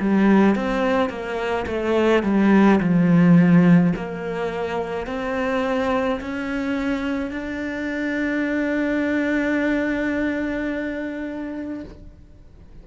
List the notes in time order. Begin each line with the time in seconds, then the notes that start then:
0.00 G3
0.56 C4
1.10 A#3
1.67 A3
2.23 G3
2.80 F3
3.96 A#3
5.07 C4
6.21 C#4
7.31 D4